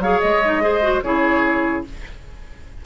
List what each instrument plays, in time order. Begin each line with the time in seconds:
0.00 bassoon F#3, clarinet G#4, oboe C#5, flute F5
0.20 bassoon G#3, flute D#5
0.45 clarinet D#4
0.62 clarinet G#4, oboe C5
0.82 clarinet F#4
1.03 bassoon C#3, clarinet E4, oboe G#4, flute C#5